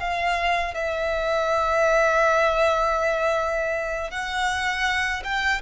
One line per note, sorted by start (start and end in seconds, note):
0.00 0.74 F5
0.74 4.11 E5
4.11 5.23 F#5
5.24 5.61 G5